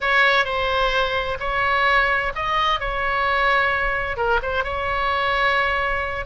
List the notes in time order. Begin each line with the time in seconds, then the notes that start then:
0.00 C#5
0.44 C5
1.39 C#5
2.35 D#5
2.80 C#5
4.16 A#4
4.42 C5
4.64 C#5